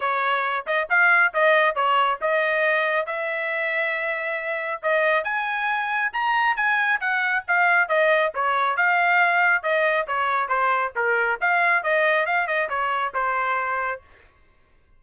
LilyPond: \new Staff \with { instrumentName = "trumpet" } { \time 4/4 \tempo 4 = 137 cis''4. dis''8 f''4 dis''4 | cis''4 dis''2 e''4~ | e''2. dis''4 | gis''2 ais''4 gis''4 |
fis''4 f''4 dis''4 cis''4 | f''2 dis''4 cis''4 | c''4 ais'4 f''4 dis''4 | f''8 dis''8 cis''4 c''2 | }